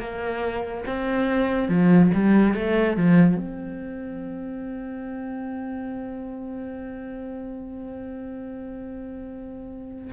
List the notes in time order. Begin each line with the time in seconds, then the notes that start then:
0.00 A#3
0.87 C4
1.69 F3
2.14 G3
2.55 A3
2.97 F3
3.36 C4